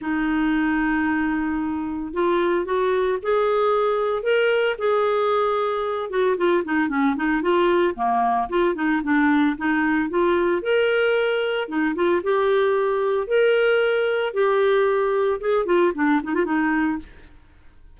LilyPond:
\new Staff \with { instrumentName = "clarinet" } { \time 4/4 \tempo 4 = 113 dis'1 | f'4 fis'4 gis'2 | ais'4 gis'2~ gis'8 fis'8 | f'8 dis'8 cis'8 dis'8 f'4 ais4 |
f'8 dis'8 d'4 dis'4 f'4 | ais'2 dis'8 f'8 g'4~ | g'4 ais'2 g'4~ | g'4 gis'8 f'8 d'8 dis'16 f'16 dis'4 | }